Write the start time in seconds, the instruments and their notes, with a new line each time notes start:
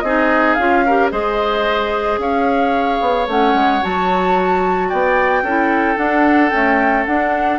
0.00 bassoon C4, clarinet D#4, oboe G#4, flute D#5
0.54 bassoon C#4, clarinet F4, flute F5
0.86 clarinet G4, oboe A#4
1.11 bassoon G#3, clarinet G#4, oboe C5, flute D#5
2.18 bassoon C#4, oboe C#5, flute F5
3.01 bassoon B3
3.27 bassoon A3, clarinet C#4, flute F#5
3.54 bassoon G#3
3.82 bassoon F#3, clarinet F#4, flute A5
4.89 bassoon B3, oboe D5, flute G5
5.43 bassoon C#4, clarinet E4, oboe A4
5.96 clarinet D4, bassoon D4, flute F#5
6.50 clarinet A3, bassoon C#4, flute G5
7.06 bassoon D4, clarinet D4, flute F#5